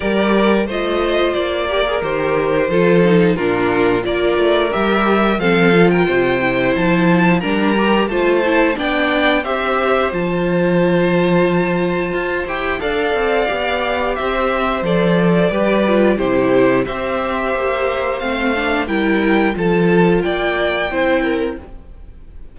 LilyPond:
<<
  \new Staff \with { instrumentName = "violin" } { \time 4/4 \tempo 4 = 89 d''4 dis''4 d''4 c''4~ | c''4 ais'4 d''4 e''4 | f''8. g''4~ g''16 a''4 ais''4 | a''4 g''4 e''4 a''4~ |
a''2~ a''8 g''8 f''4~ | f''4 e''4 d''2 | c''4 e''2 f''4 | g''4 a''4 g''2 | }
  \new Staff \with { instrumentName = "violin" } { \time 4/4 ais'4 c''4. ais'4. | a'4 f'4 ais'2 | a'8. ais'16 c''2 ais'4 | c''4 d''4 c''2~ |
c''2. d''4~ | d''4 c''2 b'4 | g'4 c''2. | ais'4 a'4 d''4 c''8 ais'8 | }
  \new Staff \with { instrumentName = "viola" } { \time 4/4 g'4 f'4. g'16 gis'16 g'4 | f'8 dis'8 d'4 f'4 g'4 | c'8 f'4 e'4. d'8 g'8 | f'8 e'8 d'4 g'4 f'4~ |
f'2~ f'8 g'8 a'4 | g'2 a'4 g'8 f'8 | e'4 g'2 c'8 d'8 | e'4 f'2 e'4 | }
  \new Staff \with { instrumentName = "cello" } { \time 4/4 g4 a4 ais4 dis4 | f4 ais,4 ais8 a8 g4 | f4 c4 f4 g4 | a4 b4 c'4 f4~ |
f2 f'8 e'8 d'8 c'8 | b4 c'4 f4 g4 | c4 c'4 ais4 a4 | g4 f4 ais4 c'4 | }
>>